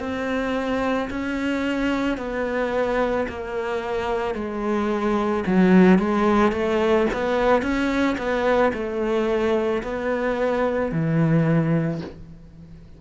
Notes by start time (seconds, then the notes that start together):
0.00 C4
1.11 C#4
2.18 B3
3.29 A#3
4.35 G#3
5.47 F#3
5.99 G#3
6.52 A3
7.14 B3
7.62 C#4
8.18 B3
8.74 A3
9.83 B3
10.92 E3